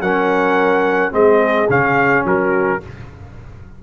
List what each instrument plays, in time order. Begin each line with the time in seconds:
0.00 tuba F#3, trombone C#4, horn A#4, trumpet F#5
1.11 tuba G#3, trombone C4, horn G#4, trumpet D#5
1.69 tuba C#3, trombone C#4, trumpet F5
2.25 tuba F#3, horn F#4, trumpet A#4